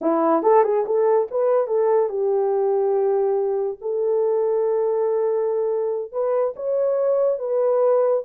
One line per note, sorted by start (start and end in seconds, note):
0.01 0.42 E4
0.42 0.63 A4
0.63 0.85 G#4
0.85 1.28 A4
1.31 1.67 B4
1.67 2.09 A4
2.09 3.78 G4
3.81 6.12 A4
6.12 6.54 B4
6.56 7.38 C#5
7.38 8.23 B4